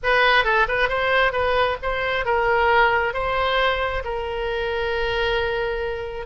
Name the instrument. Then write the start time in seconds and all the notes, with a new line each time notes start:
oboe
0.03 B4
0.44 A4
0.68 B4
0.88 C5
1.32 B4
1.82 C5
2.25 A#4
3.13 C5
4.04 A#4